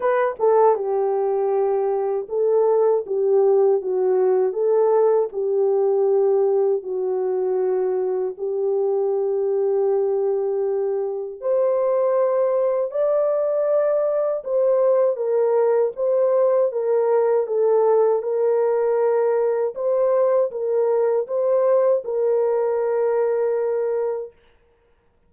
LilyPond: \new Staff \with { instrumentName = "horn" } { \time 4/4 \tempo 4 = 79 b'8 a'8 g'2 a'4 | g'4 fis'4 a'4 g'4~ | g'4 fis'2 g'4~ | g'2. c''4~ |
c''4 d''2 c''4 | ais'4 c''4 ais'4 a'4 | ais'2 c''4 ais'4 | c''4 ais'2. | }